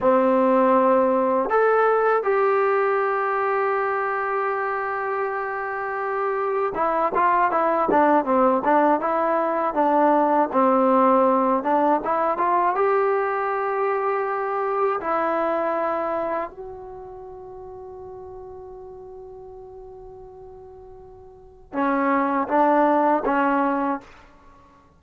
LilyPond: \new Staff \with { instrumentName = "trombone" } { \time 4/4 \tempo 4 = 80 c'2 a'4 g'4~ | g'1~ | g'4 e'8 f'8 e'8 d'8 c'8 d'8 | e'4 d'4 c'4. d'8 |
e'8 f'8 g'2. | e'2 fis'2~ | fis'1~ | fis'4 cis'4 d'4 cis'4 | }